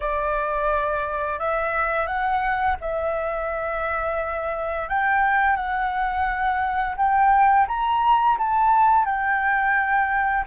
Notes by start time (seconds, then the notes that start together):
0.00 D5
1.39 E5
2.06 F#5
2.80 E5
4.88 G5
5.56 F#5
6.96 G5
7.67 A#5
8.38 A5
9.05 G5